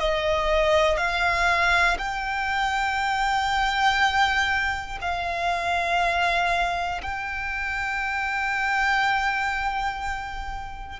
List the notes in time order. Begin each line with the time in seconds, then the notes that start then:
0.00 D#5
0.97 F5
1.99 G5
5.01 F5
7.02 G5